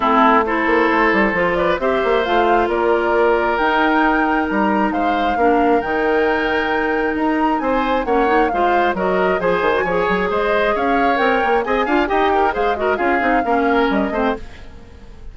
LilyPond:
<<
  \new Staff \with { instrumentName = "flute" } { \time 4/4 \tempo 4 = 134 a'4 c''2~ c''8 d''8 | e''4 f''4 d''2 | g''2 ais''4 f''4~ | f''4 g''2. |
ais''4 gis''4 fis''4 f''4 | dis''4 gis''2 dis''4 | f''4 g''4 gis''4 g''4 | f''8 dis''8 f''2 dis''4 | }
  \new Staff \with { instrumentName = "oboe" } { \time 4/4 e'4 a'2~ a'8 b'8 | c''2 ais'2~ | ais'2. c''4 | ais'1~ |
ais'4 c''4 cis''4 c''4 | ais'4 c''4 cis''4 c''4 | cis''2 dis''8 f''8 dis''8 ais'8 | c''8 ais'8 gis'4 ais'4. c''8 | }
  \new Staff \with { instrumentName = "clarinet" } { \time 4/4 c'4 e'2 f'4 | g'4 f'2. | dis'1 | d'4 dis'2.~ |
dis'2 cis'8 dis'8 f'4 | fis'4 gis'8. fis'16 gis'2~ | gis'4 ais'4 gis'8 f'8 g'4 | gis'8 fis'8 f'8 dis'8 cis'4. c'8 | }
  \new Staff \with { instrumentName = "bassoon" } { \time 4/4 a4. ais8 a8 g8 f4 | c'8 ais8 a4 ais2 | dis'2 g4 gis4 | ais4 dis2. |
dis'4 c'4 ais4 gis4 | fis4 f8 dis8 f8 fis8 gis4 | cis'4 c'8 ais8 c'8 d'8 dis'4 | gis4 cis'8 c'8 ais4 g8 a8 | }
>>